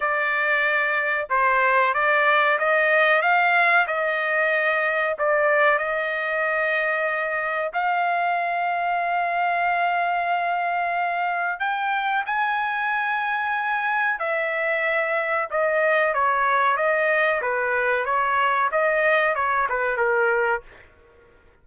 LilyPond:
\new Staff \with { instrumentName = "trumpet" } { \time 4/4 \tempo 4 = 93 d''2 c''4 d''4 | dis''4 f''4 dis''2 | d''4 dis''2. | f''1~ |
f''2 g''4 gis''4~ | gis''2 e''2 | dis''4 cis''4 dis''4 b'4 | cis''4 dis''4 cis''8 b'8 ais'4 | }